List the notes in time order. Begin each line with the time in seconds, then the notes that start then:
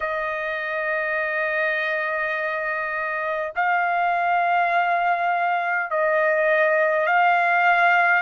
0.00 D#5
3.56 F5
5.90 D#5
7.06 F5